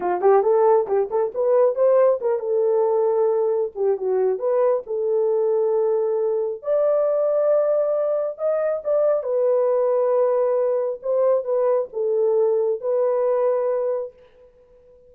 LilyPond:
\new Staff \with { instrumentName = "horn" } { \time 4/4 \tempo 4 = 136 f'8 g'8 a'4 g'8 a'8 b'4 | c''4 ais'8 a'2~ a'8~ | a'8 g'8 fis'4 b'4 a'4~ | a'2. d''4~ |
d''2. dis''4 | d''4 b'2.~ | b'4 c''4 b'4 a'4~ | a'4 b'2. | }